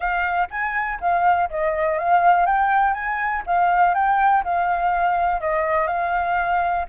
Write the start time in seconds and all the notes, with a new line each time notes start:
0.00 F5
0.50 G#5
1.00 F5
1.50 D#5
1.98 F5
2.46 G5
2.93 G#5
3.46 F5
3.94 G5
4.44 F5
5.41 D#5
5.87 F5